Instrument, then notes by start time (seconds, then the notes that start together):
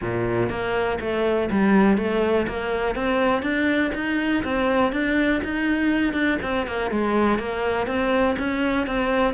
cello
0.01 A#2
0.49 A#3
1.00 A3
1.50 G3
1.97 A3
2.47 A#3
2.95 C4
3.42 D4
3.94 D#4
4.44 C4
4.92 D4
5.43 D#4
6.13 D4
6.42 C4
6.66 A#3
6.91 G#3
7.38 A#3
7.86 C4
8.38 C#4
8.87 C4